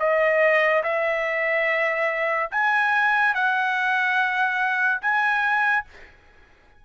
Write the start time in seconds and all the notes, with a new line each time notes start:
0.00 D#5
0.83 E5
2.52 G#5
3.35 F#5
5.02 G#5